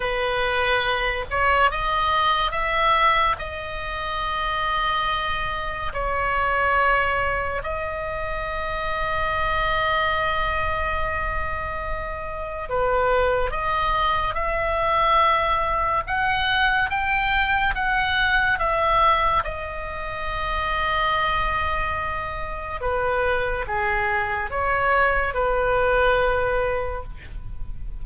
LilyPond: \new Staff \with { instrumentName = "oboe" } { \time 4/4 \tempo 4 = 71 b'4. cis''8 dis''4 e''4 | dis''2. cis''4~ | cis''4 dis''2.~ | dis''2. b'4 |
dis''4 e''2 fis''4 | g''4 fis''4 e''4 dis''4~ | dis''2. b'4 | gis'4 cis''4 b'2 | }